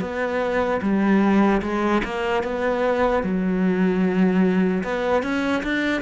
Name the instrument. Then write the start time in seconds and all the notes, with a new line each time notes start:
cello
0.00 B3
0.81 G3
1.62 G#3
2.04 A#3
2.43 B3
3.23 F#3
4.83 B3
5.23 C#4
5.63 D4